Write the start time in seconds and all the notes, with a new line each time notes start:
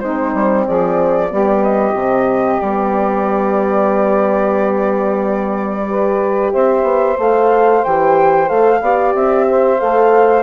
0.00 G#3 C4 D#4 C5
0.34 G3
0.67 F3 G#4 D5
1.30 G3 B3 G4
1.63 D#5
1.93 C3 C4
2.60 G3 B3 D5
5.86 G4 B4
6.52 C4 C5 E5
6.82 B3
7.18 A3 A4 F5
7.84 E3 G4 G5
8.48 A3 A4 F5
8.81 B3 G4 D5
9.14 C4 E5
9.50 C5
9.79 A3 A4 F5